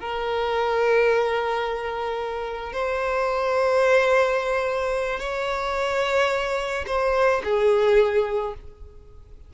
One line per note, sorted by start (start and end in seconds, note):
0.00 2.72 A#4
2.72 5.19 C5
5.19 6.85 C#5
6.87 7.42 C5
7.44 8.54 G#4